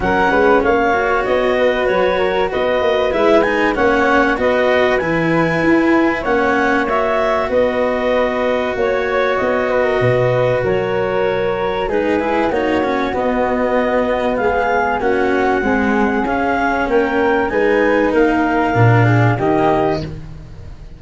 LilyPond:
<<
  \new Staff \with { instrumentName = "clarinet" } { \time 4/4 \tempo 4 = 96 fis''4 f''4 dis''4 cis''4 | dis''4 e''8 gis''8 fis''4 dis''4 | gis''2 fis''4 e''4 | dis''2 cis''4 dis''4~ |
dis''4 cis''2 b'4 | cis''4 dis''2 f''4 | fis''2 f''4 g''4 | gis''4 f''2 dis''4 | }
  \new Staff \with { instrumentName = "flute" } { \time 4/4 ais'8 b'8 cis''4. b'4 ais'8 | b'2 cis''4 b'4~ | b'2 cis''2 | b'2 cis''4. b'16 ais'16 |
b'4 ais'2 gis'4 | fis'2. gis'4 | fis'4 gis'2 ais'4 | b'4 ais'4. gis'8 g'4 | }
  \new Staff \with { instrumentName = "cello" } { \time 4/4 cis'4. fis'2~ fis'8~ | fis'4 e'8 dis'8 cis'4 fis'4 | e'2 cis'4 fis'4~ | fis'1~ |
fis'2. dis'8 e'8 | dis'8 cis'8 b2. | cis'4 gis4 cis'2 | dis'2 d'4 ais4 | }
  \new Staff \with { instrumentName = "tuba" } { \time 4/4 fis8 gis8 ais4 b4 fis4 | b8 ais8 gis4 ais4 b4 | e4 e'4 ais2 | b2 ais4 b4 |
b,4 fis2 gis4 | ais4 b2 gis4 | ais4 c'4 cis'4 ais4 | gis4 ais4 ais,4 dis4 | }
>>